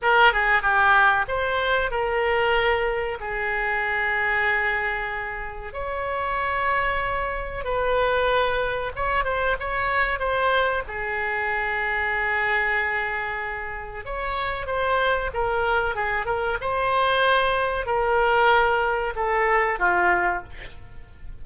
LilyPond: \new Staff \with { instrumentName = "oboe" } { \time 4/4 \tempo 4 = 94 ais'8 gis'8 g'4 c''4 ais'4~ | ais'4 gis'2.~ | gis'4 cis''2. | b'2 cis''8 c''8 cis''4 |
c''4 gis'2.~ | gis'2 cis''4 c''4 | ais'4 gis'8 ais'8 c''2 | ais'2 a'4 f'4 | }